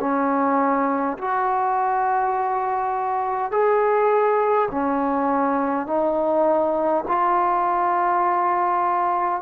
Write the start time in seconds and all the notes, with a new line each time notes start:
0.00 C#4
1.18 F#4
3.52 G#4
4.71 C#4
5.87 D#4
7.08 F4